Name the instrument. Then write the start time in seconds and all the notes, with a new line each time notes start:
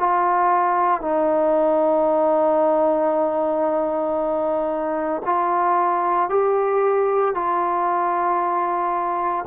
trombone
0.00 F4
1.01 D#4
5.26 F4
6.30 G4
7.35 F4